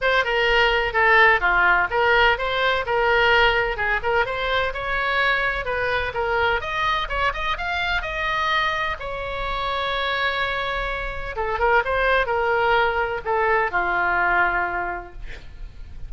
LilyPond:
\new Staff \with { instrumentName = "oboe" } { \time 4/4 \tempo 4 = 127 c''8 ais'4. a'4 f'4 | ais'4 c''4 ais'2 | gis'8 ais'8 c''4 cis''2 | b'4 ais'4 dis''4 cis''8 dis''8 |
f''4 dis''2 cis''4~ | cis''1 | a'8 ais'8 c''4 ais'2 | a'4 f'2. | }